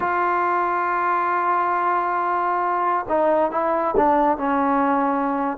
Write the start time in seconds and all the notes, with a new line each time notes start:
0.00 F4
3.09 D#4
3.51 E4
3.97 D4
4.37 C#4